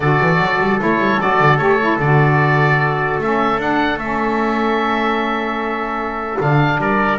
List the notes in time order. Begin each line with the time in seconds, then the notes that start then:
0.00 D3 F#4 A4 D5
0.20 E3
0.39 F#3
0.60 G3
0.79 A3 E4 C#5
0.98 G3
1.19 F#3 F#4 D5
1.40 D3
1.57 A3 G4 C#5
1.81 E4
1.98 D3 F#4 D5
3.19 A3 C#4 E5
3.58 D4 F#5
3.97 A3 C#4 E5
6.37 D3 D4 F5
6.77 G3 A#4 D5